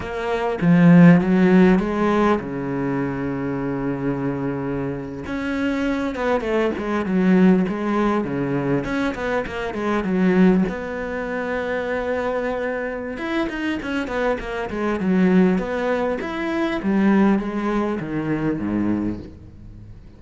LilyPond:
\new Staff \with { instrumentName = "cello" } { \time 4/4 \tempo 4 = 100 ais4 f4 fis4 gis4 | cis1~ | cis8. cis'4. b8 a8 gis8 fis16~ | fis8. gis4 cis4 cis'8 b8 ais16~ |
ais16 gis8 fis4 b2~ b16~ | b2 e'8 dis'8 cis'8 b8 | ais8 gis8 fis4 b4 e'4 | g4 gis4 dis4 gis,4 | }